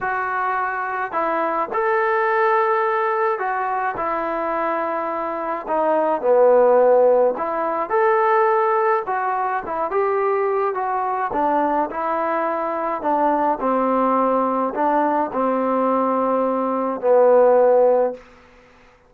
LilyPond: \new Staff \with { instrumentName = "trombone" } { \time 4/4 \tempo 4 = 106 fis'2 e'4 a'4~ | a'2 fis'4 e'4~ | e'2 dis'4 b4~ | b4 e'4 a'2 |
fis'4 e'8 g'4. fis'4 | d'4 e'2 d'4 | c'2 d'4 c'4~ | c'2 b2 | }